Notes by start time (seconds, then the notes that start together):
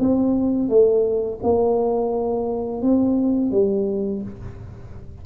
0.00 C4
0.69 A3
1.43 A#3
2.82 C4
3.52 G3